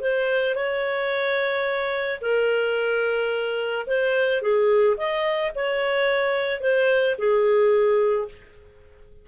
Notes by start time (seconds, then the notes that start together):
0.00 C5
0.55 C#5
2.21 A#4
3.87 C5
4.42 G#4
4.97 D#5
5.55 C#5
6.61 C5
7.18 G#4